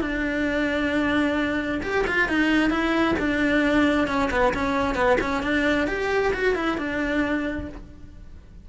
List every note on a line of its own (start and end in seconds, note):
0.00 1.80 D4
1.82 2.05 G4
2.06 2.28 F4
2.28 2.70 D#4
2.70 3.15 E4
3.18 4.07 D4
4.07 4.29 C#4
4.30 4.53 B3
4.54 4.94 C#4
4.94 5.17 B3
5.20 5.42 C#4
5.42 5.87 D4
5.87 6.32 G4
6.33 6.55 F#4
6.55 6.77 E4
6.77 7.68 D4